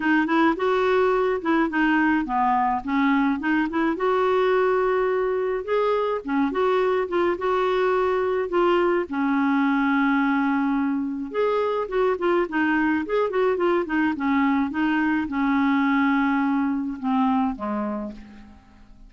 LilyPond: \new Staff \with { instrumentName = "clarinet" } { \time 4/4 \tempo 4 = 106 dis'8 e'8 fis'4. e'8 dis'4 | b4 cis'4 dis'8 e'8 fis'4~ | fis'2 gis'4 cis'8 fis'8~ | fis'8 f'8 fis'2 f'4 |
cis'1 | gis'4 fis'8 f'8 dis'4 gis'8 fis'8 | f'8 dis'8 cis'4 dis'4 cis'4~ | cis'2 c'4 gis4 | }